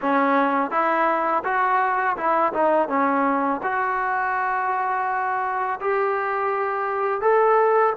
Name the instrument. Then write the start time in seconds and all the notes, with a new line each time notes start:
trombone
0.01 C#4
0.70 E4
1.44 F#4
2.16 E4
2.53 D#4
2.88 C#4
3.62 F#4
5.80 G4
7.21 A4